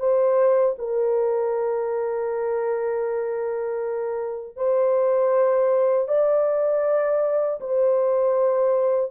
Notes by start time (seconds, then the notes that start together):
0.00 C5
0.78 A#4
4.57 C5
6.08 D5
7.61 C5